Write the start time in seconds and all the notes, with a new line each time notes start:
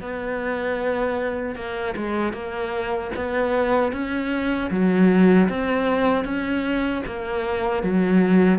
0.00 B3
1.55 A#3
1.96 G#3
2.32 A#3
3.16 B3
3.92 C#4
4.70 F#3
5.48 C4
6.24 C#4
7.06 A#3
7.83 F#3